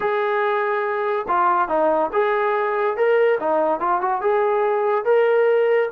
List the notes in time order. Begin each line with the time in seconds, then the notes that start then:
0.00 G#4
1.28 F4
1.68 D#4
2.13 G#4
2.96 A#4
3.40 D#4
3.80 F4
4.01 F#4
4.21 G#4
5.05 A#4